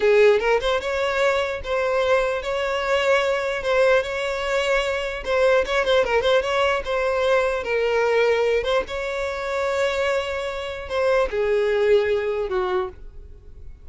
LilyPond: \new Staff \with { instrumentName = "violin" } { \time 4/4 \tempo 4 = 149 gis'4 ais'8 c''8 cis''2 | c''2 cis''2~ | cis''4 c''4 cis''2~ | cis''4 c''4 cis''8 c''8 ais'8 c''8 |
cis''4 c''2 ais'4~ | ais'4. c''8 cis''2~ | cis''2. c''4 | gis'2. fis'4 | }